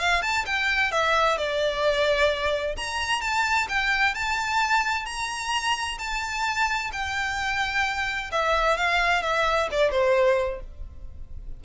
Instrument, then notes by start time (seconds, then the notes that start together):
violin
0.00 F5
0.22 A5
0.46 G5
0.92 E5
1.38 D5
2.77 A#5
3.21 A5
3.69 G5
4.15 A5
5.06 A#5
5.99 A5
6.93 G5
8.32 E5
8.78 F5
9.23 E5
9.72 D5
9.91 C5